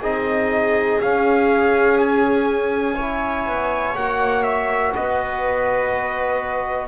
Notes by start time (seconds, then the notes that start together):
0.00 C4 D#4 G#4 D#5
1.01 C#4 F5
1.99 G#5
2.96 E4 C#5
3.47 B3
3.96 A#3 F#4 F#5
4.43 E5
4.95 B3 B4 D#5